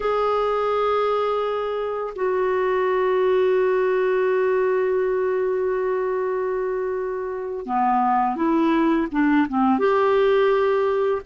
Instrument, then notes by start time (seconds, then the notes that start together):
clarinet
0.00 G#4
2.15 F#4
7.66 B3
8.35 E4
9.11 D4
9.48 C4
9.79 G4